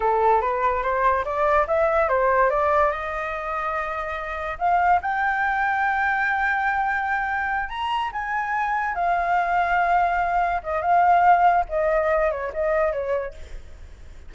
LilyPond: \new Staff \with { instrumentName = "flute" } { \time 4/4 \tempo 4 = 144 a'4 b'4 c''4 d''4 | e''4 c''4 d''4 dis''4~ | dis''2. f''4 | g''1~ |
g''2~ g''8 ais''4 gis''8~ | gis''4. f''2~ f''8~ | f''4. dis''8 f''2 | dis''4. cis''8 dis''4 cis''4 | }